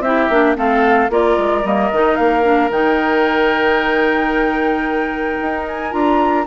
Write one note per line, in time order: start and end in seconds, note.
0.00 0.27 C4
0.00 0.31 E4
0.00 0.57 G4
0.00 0.55 E5
0.29 0.56 A#3
0.29 0.56 D4
0.56 1.09 A3
0.56 1.09 C4
0.56 1.11 A4
0.56 1.11 F5
1.09 1.36 A#3
1.09 1.64 F4
1.09 6.46 A#4
1.09 1.66 D5
1.38 1.64 G#3
1.64 1.90 G3
1.64 1.91 A#3
1.64 2.15 D#5
1.92 2.18 D#3
1.92 2.43 D#4
2.15 2.70 A#3
2.15 2.69 F5
2.43 2.69 D4
2.70 5.37 D#3
2.70 5.91 D#4
2.70 5.66 G5
5.41 5.93 D#4
5.68 5.92 G#5
5.91 6.46 D4
5.91 6.44 F4
5.91 6.46 A#5